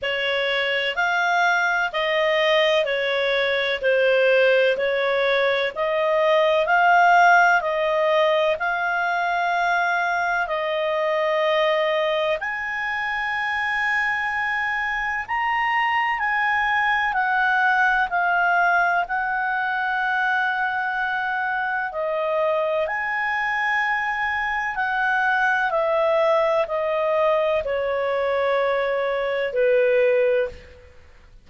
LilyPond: \new Staff \with { instrumentName = "clarinet" } { \time 4/4 \tempo 4 = 63 cis''4 f''4 dis''4 cis''4 | c''4 cis''4 dis''4 f''4 | dis''4 f''2 dis''4~ | dis''4 gis''2. |
ais''4 gis''4 fis''4 f''4 | fis''2. dis''4 | gis''2 fis''4 e''4 | dis''4 cis''2 b'4 | }